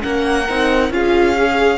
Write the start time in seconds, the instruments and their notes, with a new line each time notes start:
0.00 cello A#3, viola C#4, violin A#4 F#5
0.49 cello C4, viola D#4
0.90 cello C#4, viola F4, violin G#4 F5
1.38 viola G#4